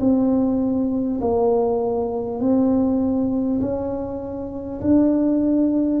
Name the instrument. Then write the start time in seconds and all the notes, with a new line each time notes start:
tuba
0.00 C4
1.21 A#3
2.39 C4
3.60 C#4
4.81 D4